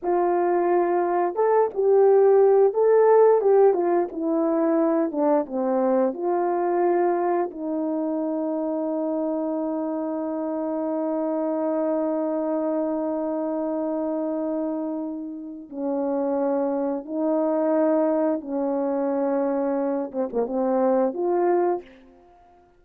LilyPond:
\new Staff \with { instrumentName = "horn" } { \time 4/4 \tempo 4 = 88 f'2 a'8 g'4. | a'4 g'8 f'8 e'4. d'8 | c'4 f'2 dis'4~ | dis'1~ |
dis'1~ | dis'2. cis'4~ | cis'4 dis'2 cis'4~ | cis'4. c'16 ais16 c'4 f'4 | }